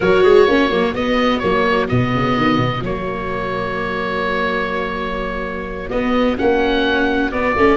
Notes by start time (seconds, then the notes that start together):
0.00 F#3 F#4 A#4 C#5
0.23 G#3 G#4
0.45 A#3 C#4 F#4
0.69 F#3 A#3
0.93 B3 D#5
1.38 F#3 A#3 C#5
1.88 B2 B3 D#5
2.14 C#3
2.36 D#3
2.57 B2
2.81 F#3 A#3 C#5
5.90 B3 D#5
6.37 A#3 C#4 F#5
7.31 B3 D5
7.56 A3 C#4